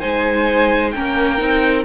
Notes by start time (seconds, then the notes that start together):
0.00 G#3 D#4 C5 G#5
0.91 A#3 C#4 A#4 G5
1.37 C4 D#4